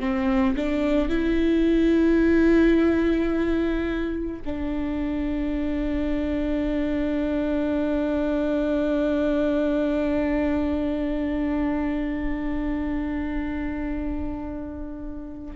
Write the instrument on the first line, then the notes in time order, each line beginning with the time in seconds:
viola
0.00 C4
0.57 D4
1.09 E4
4.45 D4